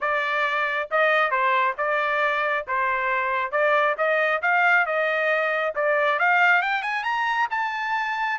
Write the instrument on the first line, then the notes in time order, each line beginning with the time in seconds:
trumpet
0.01 D5
0.90 D#5
1.30 C5
1.77 D5
2.67 C5
3.51 D5
3.97 D#5
4.41 F5
4.85 D#5
5.75 D5
6.19 F5
6.62 G5
6.82 G#5
7.03 A#5
7.50 A5